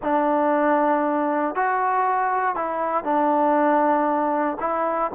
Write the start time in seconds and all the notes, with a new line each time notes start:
0.02 D4
1.55 F#4
2.55 E4
3.03 D4
4.60 E4